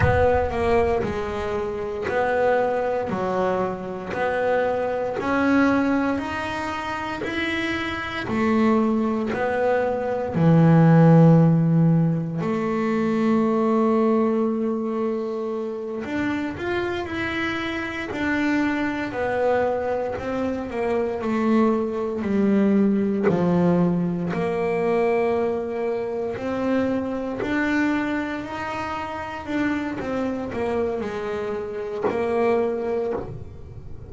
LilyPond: \new Staff \with { instrumentName = "double bass" } { \time 4/4 \tempo 4 = 58 b8 ais8 gis4 b4 fis4 | b4 cis'4 dis'4 e'4 | a4 b4 e2 | a2.~ a8 d'8 |
f'8 e'4 d'4 b4 c'8 | ais8 a4 g4 f4 ais8~ | ais4. c'4 d'4 dis'8~ | dis'8 d'8 c'8 ais8 gis4 ais4 | }